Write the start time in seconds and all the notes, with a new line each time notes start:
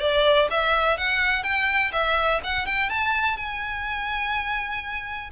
0.00 D5
0.51 E5
0.98 F#5
1.43 G5
1.92 E5
2.44 F#5
2.66 G5
2.90 A5
3.37 G#5